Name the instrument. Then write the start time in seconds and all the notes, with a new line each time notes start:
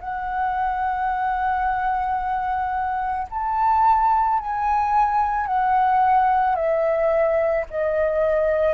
flute
0.00 F#5
3.30 A5
4.39 G#5
5.46 F#5
6.56 E5
7.70 D#5